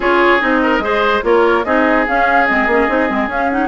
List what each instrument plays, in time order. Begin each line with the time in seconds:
0.00 bassoon C#4, clarinet F4, oboe G#4, flute C#5
0.40 bassoon C4, clarinet D#4, flute D#5
0.62 oboe A#4
0.79 bassoon G#3, clarinet G#4, oboe C5
1.23 bassoon A#3, clarinet F4, oboe A#4, flute C#5
1.64 bassoon C4, clarinet D#4, oboe G#4, flute D#5
2.07 clarinet C#4, bassoon C#4, flute F5
2.46 bassoon G#3, clarinet C4, flute D#5
2.66 bassoon A#3, clarinet C#4
2.88 bassoon C4, clarinet D#4
3.08 bassoon G#3, clarinet C4
3.27 bassoon C#4, clarinet C#4, flute F5
3.50 clarinet D#4, flute F#5